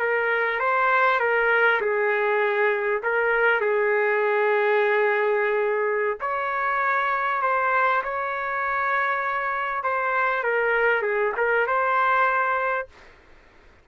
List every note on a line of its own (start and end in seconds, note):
0.00 0.60 A#4
0.60 1.20 C5
1.20 1.81 A#4
1.82 3.03 G#4
3.04 3.61 A#4
3.61 6.19 G#4
6.21 7.42 C#5
7.42 8.03 C5
8.04 9.84 C#5
9.84 10.44 C5
10.44 11.03 A#4
11.03 11.33 G#4
11.38 11.67 A#4
11.67 12.89 C5